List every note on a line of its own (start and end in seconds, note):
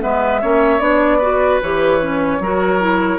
0.00 0.43 G#3
0.00 0.40 B3
0.00 0.41 B4
0.00 0.79 E5
0.41 0.80 A#3
0.41 0.80 C#4
0.41 1.18 C#5
0.79 1.60 B3
0.79 1.20 D4
0.79 1.59 D5
1.18 1.61 F#4
1.18 2.38 B4
1.62 2.39 E3
1.62 2.01 G4
1.62 3.18 C#5
2.01 2.41 C#4
2.39 3.18 F#3
2.39 2.80 F#4
2.39 3.18 A#4
2.80 3.18 E4